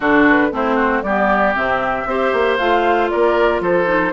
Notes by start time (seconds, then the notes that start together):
0.00 D3 D4 F#4 A4
0.29 B4
0.51 A3 C4 E4 C5
0.75 F#4
1.02 G3 B3 G4 D5
1.54 C3 C4 E5
2.05 C4 G4 C5
2.33 A#3
2.57 A3 F4 F5
3.09 A#3 A#4 D5
3.60 F3 A4 C5
3.85 D#4